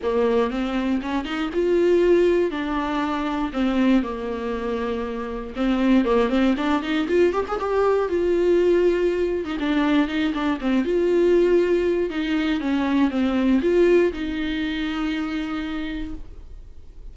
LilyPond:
\new Staff \with { instrumentName = "viola" } { \time 4/4 \tempo 4 = 119 ais4 c'4 cis'8 dis'8 f'4~ | f'4 d'2 c'4 | ais2. c'4 | ais8 c'8 d'8 dis'8 f'8 g'16 gis'16 g'4 |
f'2~ f'8. dis'16 d'4 | dis'8 d'8 c'8 f'2~ f'8 | dis'4 cis'4 c'4 f'4 | dis'1 | }